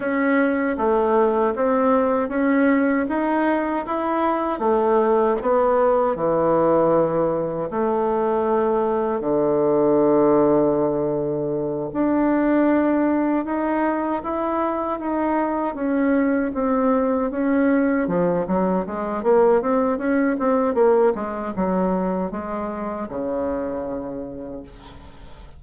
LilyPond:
\new Staff \with { instrumentName = "bassoon" } { \time 4/4 \tempo 4 = 78 cis'4 a4 c'4 cis'4 | dis'4 e'4 a4 b4 | e2 a2 | d2.~ d8 d'8~ |
d'4. dis'4 e'4 dis'8~ | dis'8 cis'4 c'4 cis'4 f8 | fis8 gis8 ais8 c'8 cis'8 c'8 ais8 gis8 | fis4 gis4 cis2 | }